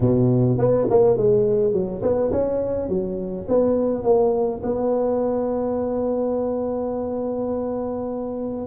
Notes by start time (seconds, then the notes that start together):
0.00 B2
0.57 B3
0.89 A#3
1.17 G#3
1.73 F#3
2.02 B3
2.31 C#4
2.88 F#3
3.48 B3
4.03 A#3
4.63 B3